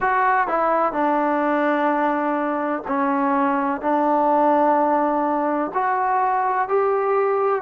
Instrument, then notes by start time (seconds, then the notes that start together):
trombone
0.00 F#4
0.47 E4
0.92 D4
2.87 C#4
3.81 D4
5.74 F#4
6.68 G4